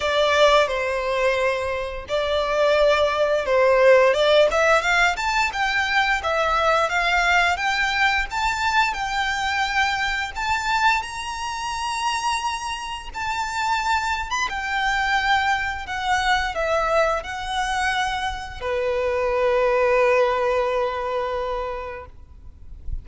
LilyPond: \new Staff \with { instrumentName = "violin" } { \time 4/4 \tempo 4 = 87 d''4 c''2 d''4~ | d''4 c''4 d''8 e''8 f''8 a''8 | g''4 e''4 f''4 g''4 | a''4 g''2 a''4 |
ais''2. a''4~ | a''8. b''16 g''2 fis''4 | e''4 fis''2 b'4~ | b'1 | }